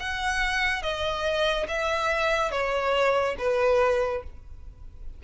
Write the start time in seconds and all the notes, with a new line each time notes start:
0.00 F#5
0.83 D#5
1.68 E5
2.52 C#5
3.39 B4